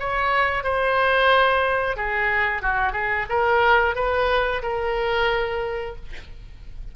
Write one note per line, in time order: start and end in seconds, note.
0.00 0.64 C#5
0.64 1.97 C5
1.97 2.62 G#4
2.62 2.93 F#4
2.93 3.26 G#4
3.30 3.95 A#4
3.95 4.62 B4
4.63 5.96 A#4